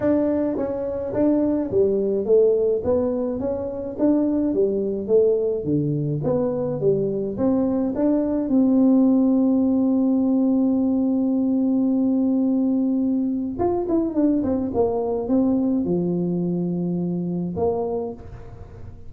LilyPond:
\new Staff \with { instrumentName = "tuba" } { \time 4/4 \tempo 4 = 106 d'4 cis'4 d'4 g4 | a4 b4 cis'4 d'4 | g4 a4 d4 b4 | g4 c'4 d'4 c'4~ |
c'1~ | c'1 | f'8 e'8 d'8 c'8 ais4 c'4 | f2. ais4 | }